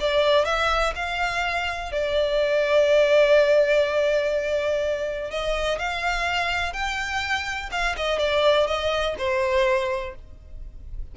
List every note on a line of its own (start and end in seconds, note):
0.00 0.45 D5
0.45 0.93 E5
0.95 1.92 F5
1.92 5.31 D5
5.31 5.79 D#5
5.79 6.73 F5
6.73 7.70 G5
7.72 7.96 F5
7.97 8.19 D#5
8.19 8.67 D5
8.67 9.15 D#5
9.18 10.15 C5